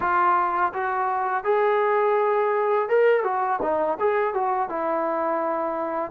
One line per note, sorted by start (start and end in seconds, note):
0.00 0.72 F4
0.73 1.44 F#4
1.44 2.88 G#4
2.88 3.23 A#4
3.23 3.59 F#4
3.61 3.98 D#4
3.99 4.34 G#4
4.34 4.69 F#4
4.69 6.11 E4